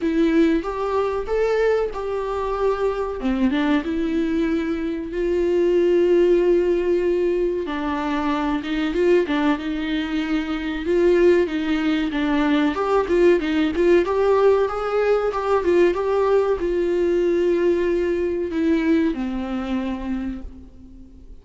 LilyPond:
\new Staff \with { instrumentName = "viola" } { \time 4/4 \tempo 4 = 94 e'4 g'4 a'4 g'4~ | g'4 c'8 d'8 e'2 | f'1 | d'4. dis'8 f'8 d'8 dis'4~ |
dis'4 f'4 dis'4 d'4 | g'8 f'8 dis'8 f'8 g'4 gis'4 | g'8 f'8 g'4 f'2~ | f'4 e'4 c'2 | }